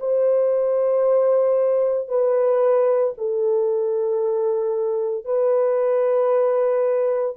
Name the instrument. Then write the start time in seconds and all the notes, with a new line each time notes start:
horn
0.00 C5
2.09 B4
3.18 A4
5.25 B4